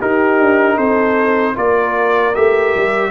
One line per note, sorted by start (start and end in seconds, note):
0.00 1.55 D#4
0.00 0.40 D#4
0.00 0.76 G4
0.00 0.78 A#4
0.40 0.77 D4
0.76 1.55 C4
0.76 1.54 A4
0.76 1.56 C5
1.55 2.35 A#3
1.55 2.33 F4
1.55 3.12 A#4
1.55 2.35 D5
2.35 2.75 A3
2.35 3.12 G4
2.35 3.12 E5
2.76 3.12 G3